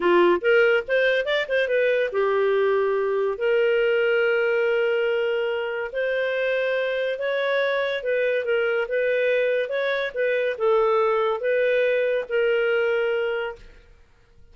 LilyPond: \new Staff \with { instrumentName = "clarinet" } { \time 4/4 \tempo 4 = 142 f'4 ais'4 c''4 d''8 c''8 | b'4 g'2. | ais'1~ | ais'2 c''2~ |
c''4 cis''2 b'4 | ais'4 b'2 cis''4 | b'4 a'2 b'4~ | b'4 ais'2. | }